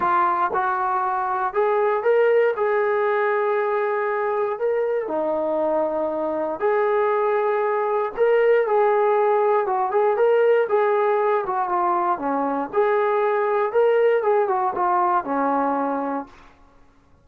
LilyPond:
\new Staff \with { instrumentName = "trombone" } { \time 4/4 \tempo 4 = 118 f'4 fis'2 gis'4 | ais'4 gis'2.~ | gis'4 ais'4 dis'2~ | dis'4 gis'2. |
ais'4 gis'2 fis'8 gis'8 | ais'4 gis'4. fis'8 f'4 | cis'4 gis'2 ais'4 | gis'8 fis'8 f'4 cis'2 | }